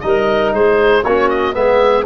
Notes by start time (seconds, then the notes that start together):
0.00 G3 D#4 A#4 D#5
0.53 G#3 G#4 C5
1.03 A#3 C#4 F#4 C#5
1.30 D#5
1.53 G#3 B3 G#4 E5